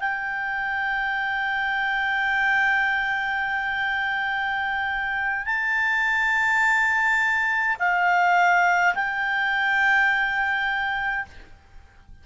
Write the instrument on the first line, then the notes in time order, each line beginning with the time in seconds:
clarinet
0.00 G5
5.46 A5
7.79 F5
8.95 G5